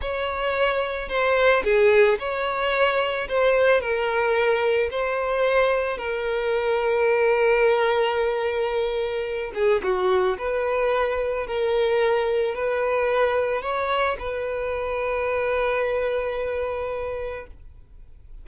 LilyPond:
\new Staff \with { instrumentName = "violin" } { \time 4/4 \tempo 4 = 110 cis''2 c''4 gis'4 | cis''2 c''4 ais'4~ | ais'4 c''2 ais'4~ | ais'1~ |
ais'4. gis'8 fis'4 b'4~ | b'4 ais'2 b'4~ | b'4 cis''4 b'2~ | b'1 | }